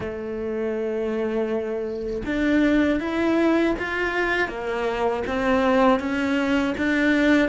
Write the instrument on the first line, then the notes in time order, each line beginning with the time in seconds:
cello
0.00 A3
2.25 D4
3.00 E4
3.78 F4
4.48 A#3
5.26 C4
5.99 C#4
6.77 D4